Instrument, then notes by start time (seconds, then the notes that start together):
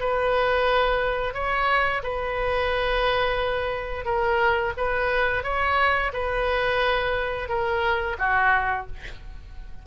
oboe
0.00 B4
1.34 C#5
2.03 B4
4.05 A#4
4.77 B4
5.44 C#5
6.13 B4
7.49 A#4
8.19 F#4